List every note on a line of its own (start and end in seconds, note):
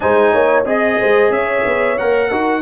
0.00 0.33 G#3
0.00 0.64 D#4
0.00 0.32 C5
0.00 0.63 G#5
0.32 0.65 A#3
0.32 0.65 C#5
0.65 0.98 C4
0.65 1.97 G#4
0.65 0.98 D#5
0.65 1.32 D#5
0.99 1.30 G#3
0.99 1.31 C5
1.30 1.62 C#4
1.30 2.28 C#5
1.30 1.98 E5
1.65 1.98 B3
1.98 2.30 A#3
1.98 2.31 A#4
1.98 2.62 F#5
2.28 2.62 D#4
2.28 2.62 F#4
2.28 2.61 A#4